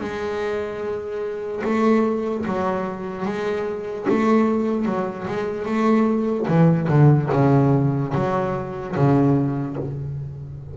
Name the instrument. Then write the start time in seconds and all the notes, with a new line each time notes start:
double bass
0.00 G#3
1.64 A3
2.45 F#3
3.25 G#3
4.09 A3
4.85 F#3
5.27 G#3
5.65 A3
6.48 E3
6.88 D3
7.32 C#3
8.14 F#3
8.95 C#3